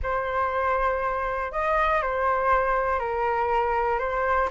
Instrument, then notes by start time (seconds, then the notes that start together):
flute
0.02 C5
1.52 D#5
2.02 C5
2.99 A#4
3.98 C5